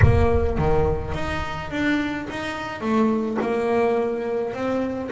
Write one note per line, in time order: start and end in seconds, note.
0.02 0.58 A#3
0.58 1.14 D#3
1.14 1.70 D#4
1.70 2.27 D4
2.30 2.80 D#4
2.80 3.37 A3
3.41 4.53 A#3
4.53 5.10 C4